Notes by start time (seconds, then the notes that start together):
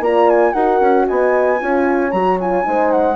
0.00 A#3 F4 D5 A#5
0.30 G#5
0.53 D#4 F#4 A#4 F#5
0.80 C#4
1.07 B3 D#5 G#5
1.60 C#4 F4 C#5
2.11 F#3 F#4 A#5
2.40 F4 G#5
2.63 G#3 D#4 C5
2.91 F#5